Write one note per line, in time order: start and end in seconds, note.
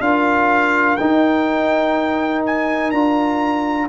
0.00 0.97 D4
0.00 0.98 F4
0.00 3.89 A#4
0.00 0.97 F5
0.97 2.94 D#4
0.97 2.92 D#4
0.97 2.42 G5
2.46 2.91 G#5
2.91 3.89 D4
2.91 3.89 F4
2.91 3.88 A#5